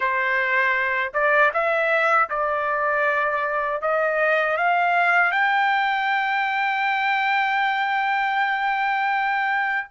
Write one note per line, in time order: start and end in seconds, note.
0.00 1.12 C5
1.13 1.51 D5
1.53 2.29 E5
2.29 3.81 D5
3.81 4.57 D#5
4.57 5.31 F5
5.31 9.87 G5